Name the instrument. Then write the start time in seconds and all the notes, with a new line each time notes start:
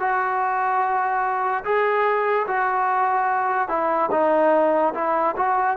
trombone
0.00 F#4
1.64 G#4
2.47 F#4
3.69 E4
4.11 D#4
4.95 E4
5.36 F#4